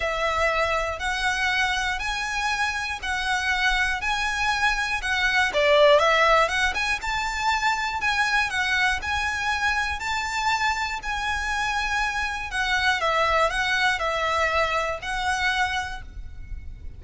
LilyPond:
\new Staff \with { instrumentName = "violin" } { \time 4/4 \tempo 4 = 120 e''2 fis''2 | gis''2 fis''2 | gis''2 fis''4 d''4 | e''4 fis''8 gis''8 a''2 |
gis''4 fis''4 gis''2 | a''2 gis''2~ | gis''4 fis''4 e''4 fis''4 | e''2 fis''2 | }